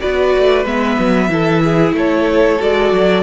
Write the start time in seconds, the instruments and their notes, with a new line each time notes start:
0.00 cello B3, viola F#4, violin B4 D5
0.38 cello A3
0.65 cello G#3, viola B3, violin E5
0.99 cello F#3
1.29 cello E3, viola E4, violin A4
1.64 violin G#4
1.92 cello A3, violin A4 C#5
2.60 cello G#3, viola F#4, violin D5
2.92 cello F#3